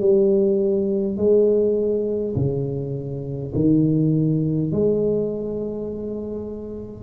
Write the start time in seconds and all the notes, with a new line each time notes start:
0.00 G3
1.17 G#3
2.35 C#3
3.55 D#3
4.72 G#3